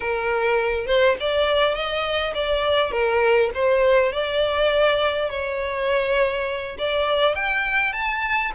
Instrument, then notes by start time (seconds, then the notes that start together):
violin
0.00 A#4
0.86 C5
1.20 D5
1.74 D#5
2.34 D5
2.91 A#4
3.54 C5
4.12 D5
5.29 C#5
6.78 D5
7.35 G5
7.93 A5